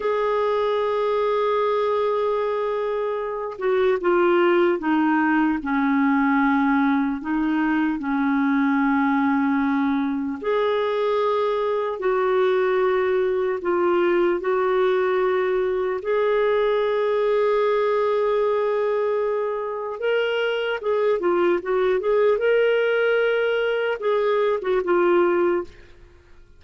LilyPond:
\new Staff \with { instrumentName = "clarinet" } { \time 4/4 \tempo 4 = 75 gis'1~ | gis'8 fis'8 f'4 dis'4 cis'4~ | cis'4 dis'4 cis'2~ | cis'4 gis'2 fis'4~ |
fis'4 f'4 fis'2 | gis'1~ | gis'4 ais'4 gis'8 f'8 fis'8 gis'8 | ais'2 gis'8. fis'16 f'4 | }